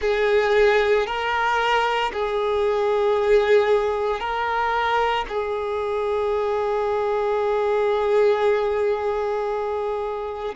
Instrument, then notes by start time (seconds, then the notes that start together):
violin
0.00 G#4
1.06 A#4
2.12 G#4
4.20 A#4
5.28 G#4